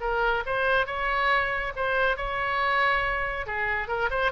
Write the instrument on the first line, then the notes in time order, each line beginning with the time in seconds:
oboe
0.00 A#4
0.46 C5
0.86 C#5
1.76 C5
2.17 C#5
3.46 G#4
3.88 A#4
4.10 C5